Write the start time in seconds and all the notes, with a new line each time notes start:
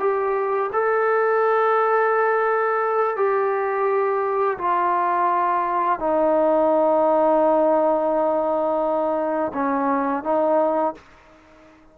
0.00 G4
0.73 A4
3.17 G4
4.59 F4
6.00 D#4
9.54 C#4
10.24 D#4